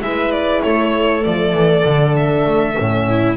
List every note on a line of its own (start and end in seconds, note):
0.00 0.61 G#3
0.00 1.21 E4
0.00 0.63 B4
0.00 0.31 E5
0.31 0.62 D5
0.62 1.25 A3
0.62 3.08 A4
0.62 1.23 C#5
1.21 1.53 F3
1.21 1.82 A3
1.21 2.15 D5
1.53 1.84 E3
1.84 2.45 D3
1.84 2.74 D4
2.16 3.36 E5
2.45 2.76 A3
2.74 3.36 A2
2.74 3.36 C#4
3.08 3.36 E4